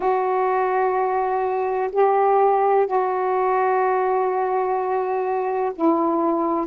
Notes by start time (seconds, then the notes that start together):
0.00 F#4
1.92 G4
2.86 F#4
5.75 E4